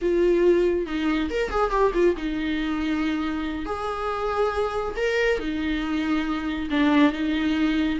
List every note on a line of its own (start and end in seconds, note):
0.01 0.86 F4
0.86 1.29 D#4
1.29 1.50 A#4
1.50 1.70 G#4
1.70 1.91 G4
1.94 2.15 F4
2.16 3.65 D#4
3.65 4.94 G#4
4.96 5.39 A#4
5.39 6.68 D#4
6.70 7.12 D4
7.12 7.98 D#4